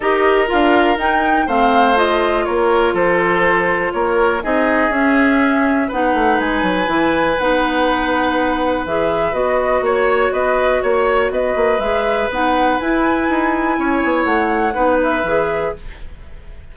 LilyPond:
<<
  \new Staff \with { instrumentName = "flute" } { \time 4/4 \tempo 4 = 122 dis''4 f''4 g''4 f''4 | dis''4 cis''4 c''2 | cis''4 dis''4 e''2 | fis''4 gis''2 fis''4~ |
fis''2 e''4 dis''4 | cis''4 dis''4 cis''4 dis''4 | e''4 fis''4 gis''2~ | gis''4 fis''4. e''4. | }
  \new Staff \with { instrumentName = "oboe" } { \time 4/4 ais'2. c''4~ | c''4 ais'4 a'2 | ais'4 gis'2. | b'1~ |
b'1 | cis''4 b'4 cis''4 b'4~ | b'1 | cis''2 b'2 | }
  \new Staff \with { instrumentName = "clarinet" } { \time 4/4 g'4 f'4 dis'4 c'4 | f'1~ | f'4 dis'4 cis'2 | dis'2 e'4 dis'4~ |
dis'2 gis'4 fis'4~ | fis'1 | gis'4 dis'4 e'2~ | e'2 dis'4 gis'4 | }
  \new Staff \with { instrumentName = "bassoon" } { \time 4/4 dis'4 d'4 dis'4 a4~ | a4 ais4 f2 | ais4 c'4 cis'2 | b8 a8 gis8 fis8 e4 b4~ |
b2 e4 b4 | ais4 b4 ais4 b8 ais8 | gis4 b4 e'4 dis'4 | cis'8 b8 a4 b4 e4 | }
>>